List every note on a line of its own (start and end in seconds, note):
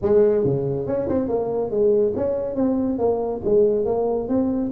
0.02 0.44 G#3
0.44 0.86 C#3
0.86 1.08 C#4
1.09 1.28 C4
1.28 1.70 A#3
1.70 2.13 G#3
2.15 2.55 C#4
2.55 2.98 C4
2.98 3.41 A#3
3.44 3.85 G#3
3.85 4.28 A#3
4.28 4.71 C4